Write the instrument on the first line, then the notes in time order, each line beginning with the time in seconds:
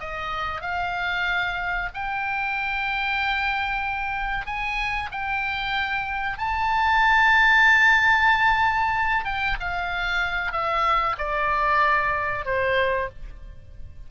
oboe
0.00 D#5
0.61 F5
1.94 G5
4.46 G#5
5.12 G5
6.38 A5
9.25 G5
9.60 F5
10.52 E5
11.18 D5
12.45 C5